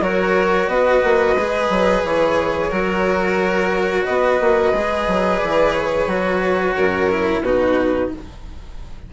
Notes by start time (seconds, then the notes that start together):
0.00 F#3 F#4 A#4 C#5
0.67 B3 B4 D#5
1.04 A#3
1.35 G#3 G#4
1.69 F#3
2.04 E3 C#5
2.68 F#3 F#4 A#4
4.04 B3 B4 D#5
4.40 A#3
4.73 G#3 G#4
5.07 F#3
5.39 E3 D5
5.72 C#5
6.06 F#3 F#4
6.75 F#2 A#4
7.10 E4
7.41 B2 D#4 F#4 B4